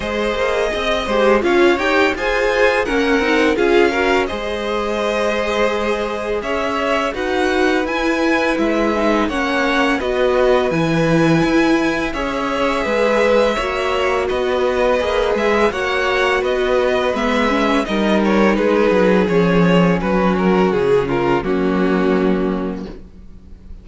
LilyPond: <<
  \new Staff \with { instrumentName = "violin" } { \time 4/4 \tempo 4 = 84 dis''2 f''8 g''8 gis''4 | fis''4 f''4 dis''2~ | dis''4 e''4 fis''4 gis''4 | e''4 fis''4 dis''4 gis''4~ |
gis''4 e''2. | dis''4. e''8 fis''4 dis''4 | e''4 dis''8 cis''8 b'4 cis''4 | b'8 ais'8 gis'8 ais'8 fis'2 | }
  \new Staff \with { instrumentName = "violin" } { \time 4/4 c''4 dis''8 c''8 cis''4 c''4 | ais'4 gis'8 ais'8 c''2~ | c''4 cis''4 b'2~ | b'4 cis''4 b'2~ |
b'4 cis''4 b'4 cis''4 | b'2 cis''4 b'4~ | b'4 ais'4 gis'2 | fis'4. f'8 cis'2 | }
  \new Staff \with { instrumentName = "viola" } { \time 4/4 gis'4. g'8 f'8 g'8 gis'4 | cis'8 dis'8 f'8 fis'8 gis'2~ | gis'2 fis'4 e'4~ | e'8 dis'8 cis'4 fis'4 e'4~ |
e'4 gis'2 fis'4~ | fis'4 gis'4 fis'2 | b8 cis'8 dis'2 cis'4~ | cis'2 ais2 | }
  \new Staff \with { instrumentName = "cello" } { \time 4/4 gis8 ais8 c'8 gis8 cis'8 dis'8 f'4 | ais8 c'8 cis'4 gis2~ | gis4 cis'4 dis'4 e'4 | gis4 ais4 b4 e4 |
e'4 cis'4 gis4 ais4 | b4 ais8 gis8 ais4 b4 | gis4 g4 gis8 fis8 f4 | fis4 cis4 fis2 | }
>>